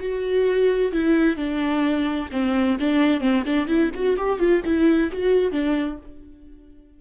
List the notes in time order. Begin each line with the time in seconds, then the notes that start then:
0.00 F#4
0.93 E4
1.37 D4
2.32 C4
2.80 D4
3.21 C4
3.46 D4
3.68 E4
3.94 F#4
4.17 G4
4.39 F4
4.65 E4
5.12 F#4
5.52 D4